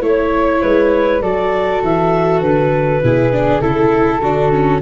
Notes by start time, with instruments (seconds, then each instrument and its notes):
0.00 tuba A3, viola E4, flute C#5, clarinet C#5
0.61 tuba G#3, flute B4
1.20 tuba F#3, viola F#4, flute A4, clarinet D5
1.82 tuba E3, clarinet E5
2.40 tuba D3, clarinet B4
3.03 tuba B2, viola E4, flute G#4
3.32 viola D4
3.60 tuba C#3, viola E4, clarinet A4, flute A4
4.19 tuba D3, viola D4, clarinet F#4
4.51 viola C#4